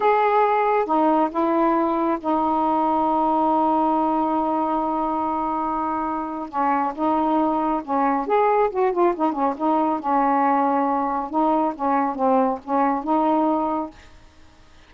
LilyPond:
\new Staff \with { instrumentName = "saxophone" } { \time 4/4 \tempo 4 = 138 gis'2 dis'4 e'4~ | e'4 dis'2.~ | dis'1~ | dis'2. cis'4 |
dis'2 cis'4 gis'4 | fis'8 f'8 dis'8 cis'8 dis'4 cis'4~ | cis'2 dis'4 cis'4 | c'4 cis'4 dis'2 | }